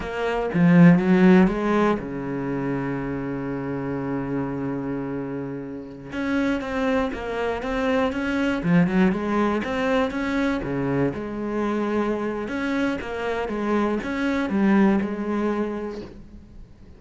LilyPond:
\new Staff \with { instrumentName = "cello" } { \time 4/4 \tempo 4 = 120 ais4 f4 fis4 gis4 | cis1~ | cis1~ | cis16 cis'4 c'4 ais4 c'8.~ |
c'16 cis'4 f8 fis8 gis4 c'8.~ | c'16 cis'4 cis4 gis4.~ gis16~ | gis4 cis'4 ais4 gis4 | cis'4 g4 gis2 | }